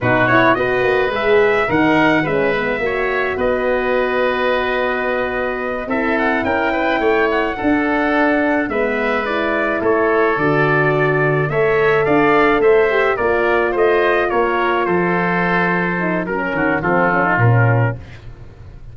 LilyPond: <<
  \new Staff \with { instrumentName = "trumpet" } { \time 4/4 \tempo 4 = 107 b'8 cis''8 dis''4 e''4 fis''4 | e''2 dis''2~ | dis''2~ dis''8 e''8 fis''8 g''8~ | g''4 fis''2~ fis''8 e''8~ |
e''8 d''4 cis''4 d''4.~ | d''8 e''4 f''4 e''4 d''8~ | d''8 dis''4 cis''4 c''4.~ | c''4 ais'4 a'4 ais'4 | }
  \new Staff \with { instrumentName = "oboe" } { \time 4/4 fis'4 b'2 ais'4 | b'4 cis''4 b'2~ | b'2~ b'8 a'4 ais'8 | b'8 cis''4 a'2 b'8~ |
b'4. a'2~ a'8~ | a'8 cis''4 d''4 c''4 ais'8~ | ais'8 c''4 ais'4 a'4.~ | a'4 ais'8 fis'8 f'2 | }
  \new Staff \with { instrumentName = "horn" } { \time 4/4 dis'8 e'8 fis'4 gis'4 dis'4 | cis'8 b8 fis'2.~ | fis'2~ fis'8 e'4.~ | e'4. d'2 b8~ |
b8 e'2 fis'4.~ | fis'8 a'2~ a'8 g'8 f'8~ | f'1~ | f'8 dis'8 cis'4 c'8 cis'16 dis'16 cis'4 | }
  \new Staff \with { instrumentName = "tuba" } { \time 4/4 b,4 b8 ais8 gis4 dis4 | gis4 ais4 b2~ | b2~ b8 c'4 cis'8~ | cis'8 a4 d'2 gis8~ |
gis4. a4 d4.~ | d8 a4 d'4 a4 ais8~ | ais8 a4 ais4 f4.~ | f4 fis8 dis8 f4 ais,4 | }
>>